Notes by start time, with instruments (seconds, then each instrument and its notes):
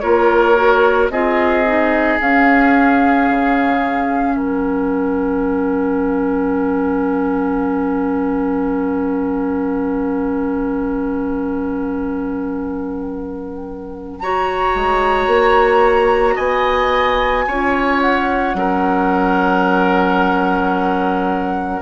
0.00 bassoon A#3, clarinet F4, oboe A#4, flute C#5
0.55 clarinet F#4
1.10 bassoon C4, clarinet F4, oboe G#4, flute D#5
1.65 clarinet D#4
2.20 clarinet C#4, bassoon C#4, flute F5
3.30 bassoon C#3
4.37 bassoon F#3, oboe A#4, flute F#5
14.20 clarinet F#4, oboe C#5, flute A#5
14.75 bassoon G#3
15.27 bassoon A#3
16.35 bassoon B3, oboe D#5, flute G#5
17.47 bassoon C#4, clarinet F4, oboe C#5
18.01 flute F#5
18.55 bassoon F#3, clarinet C#4, oboe A#4